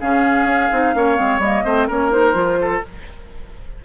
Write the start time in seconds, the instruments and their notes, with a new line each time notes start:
0.00 bassoon C#3, clarinet C#4, oboe G#4, flute F5
0.45 bassoon C#4
0.71 bassoon C4, clarinet D#4
0.95 bassoon A#3, clarinet C#4, oboe C#5
1.16 bassoon G#3, clarinet C4
1.39 bassoon G3, clarinet A#3, flute D#5
1.64 bassoon A3, clarinet C4, oboe C5
1.88 bassoon A#3, clarinet C#4, oboe A#4, flute C#5
2.11 clarinet D#4, flute C5
2.34 bassoon F3, clarinet F4
2.61 oboe A4